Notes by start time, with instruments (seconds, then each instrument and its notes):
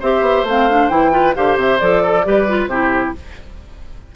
0.00 bassoon C4, clarinet G4, oboe C5, flute E5
0.21 bassoon B3
0.43 bassoon A3, clarinet C4
0.49 flute F5
0.70 clarinet D4
0.89 bassoon E3, clarinet E4, flute G5
1.12 clarinet F4, oboe B4
1.35 bassoon D3, clarinet G4, oboe C5, flute F5
1.56 bassoon C3, flute E5
1.79 bassoon F3, clarinet A4, flute D5
2.03 oboe A4
2.25 bassoon G3, clarinet G4, oboe B4
2.48 clarinet F4
2.67 bassoon C3, clarinet E4, oboe G4, flute C5